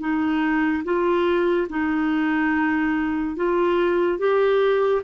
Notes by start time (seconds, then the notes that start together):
0.00 D#4
0.84 F4
1.69 D#4
3.36 F4
4.19 G4